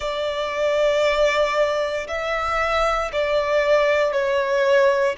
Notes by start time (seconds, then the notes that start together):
0.00 D5
2.07 E5
3.12 D5
4.12 C#5